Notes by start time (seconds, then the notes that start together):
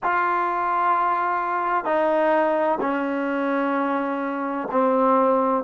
0.03 F4
1.85 D#4
2.80 C#4
4.71 C4